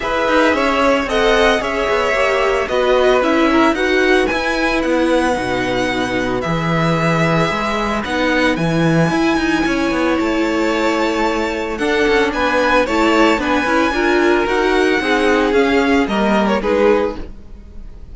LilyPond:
<<
  \new Staff \with { instrumentName = "violin" } { \time 4/4 \tempo 4 = 112 e''2 fis''4 e''4~ | e''4 dis''4 e''4 fis''4 | gis''4 fis''2. | e''2. fis''4 |
gis''2. a''4~ | a''2 fis''4 gis''4 | a''4 gis''2 fis''4~ | fis''4 f''4 dis''8. cis''16 b'4 | }
  \new Staff \with { instrumentName = "violin" } { \time 4/4 b'4 cis''4 dis''4 cis''4~ | cis''4 b'4. ais'8 b'4~ | b'1~ | b'1~ |
b'2 cis''2~ | cis''2 a'4 b'4 | cis''4 b'4 ais'2 | gis'2 ais'4 gis'4 | }
  \new Staff \with { instrumentName = "viola" } { \time 4/4 gis'2 a'4 gis'4 | g'4 fis'4 e'4 fis'4 | e'2 dis'2 | gis'2. dis'4 |
e'1~ | e'2 d'2 | e'4 d'8 e'8 f'4 fis'4 | dis'4 cis'4 ais4 dis'4 | }
  \new Staff \with { instrumentName = "cello" } { \time 4/4 e'8 dis'8 cis'4 c'4 cis'8 b8 | ais4 b4 cis'4 dis'4 | e'4 b4 b,2 | e2 gis4 b4 |
e4 e'8 dis'8 cis'8 b8 a4~ | a2 d'8 cis'8 b4 | a4 b8 cis'8 d'4 dis'4 | c'4 cis'4 g4 gis4 | }
>>